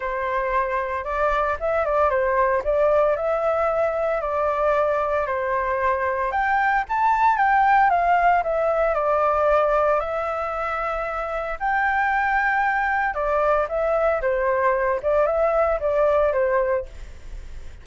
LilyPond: \new Staff \with { instrumentName = "flute" } { \time 4/4 \tempo 4 = 114 c''2 d''4 e''8 d''8 | c''4 d''4 e''2 | d''2 c''2 | g''4 a''4 g''4 f''4 |
e''4 d''2 e''4~ | e''2 g''2~ | g''4 d''4 e''4 c''4~ | c''8 d''8 e''4 d''4 c''4 | }